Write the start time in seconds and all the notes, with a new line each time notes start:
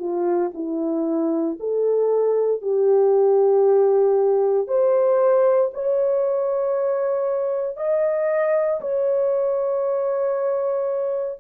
0.00 F4
0.55 E4
1.60 A4
2.62 G4
4.68 C5
5.74 C#5
7.77 D#5
8.81 C#5